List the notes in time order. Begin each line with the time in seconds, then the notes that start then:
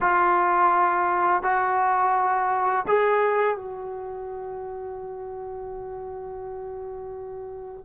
0.00 F4
1.42 F#4
2.87 G#4
3.56 F#4